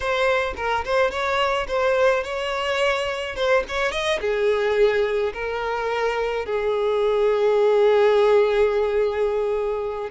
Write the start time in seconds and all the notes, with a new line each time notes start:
0.00 C5
0.56 A#4
0.84 C5
1.11 C#5
1.67 C5
2.23 C#5
3.35 C5
3.68 C#5
3.91 D#5
4.20 G#4
5.33 A#4
6.45 G#4